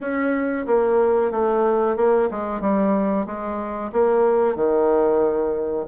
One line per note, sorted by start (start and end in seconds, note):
0.01 0.66 C#4
0.66 1.31 A#3
1.31 1.96 A3
1.96 2.29 A#3
2.31 2.61 G#3
2.61 3.25 G3
3.25 3.91 G#3
3.92 4.55 A#3
4.55 5.86 D#3